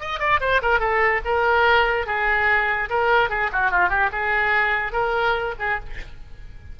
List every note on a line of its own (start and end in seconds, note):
0.00 0.20 D#5
0.20 0.40 D5
0.41 0.61 C5
0.62 0.80 A#4
0.80 1.21 A4
1.25 2.06 A#4
2.06 2.89 G#4
2.90 3.30 A#4
3.30 3.50 G#4
3.52 3.71 F#4
3.71 3.89 F4
3.89 4.10 G4
4.12 4.93 G#4
4.93 5.55 A#4
5.59 5.80 G#4